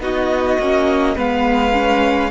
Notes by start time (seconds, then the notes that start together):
0.00 B3 D#4 F#4 D#5
0.59 A#3 C#4
1.15 G#3 B3 B4 F5
1.73 C#4